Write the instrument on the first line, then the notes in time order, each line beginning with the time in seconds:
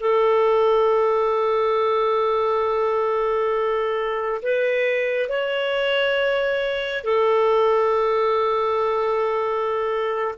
clarinet
0.00 A4
4.42 B4
5.29 C#5
7.04 A4